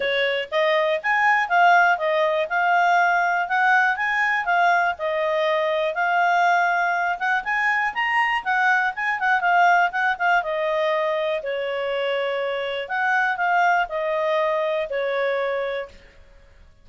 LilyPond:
\new Staff \with { instrumentName = "clarinet" } { \time 4/4 \tempo 4 = 121 cis''4 dis''4 gis''4 f''4 | dis''4 f''2 fis''4 | gis''4 f''4 dis''2 | f''2~ f''8 fis''8 gis''4 |
ais''4 fis''4 gis''8 fis''8 f''4 | fis''8 f''8 dis''2 cis''4~ | cis''2 fis''4 f''4 | dis''2 cis''2 | }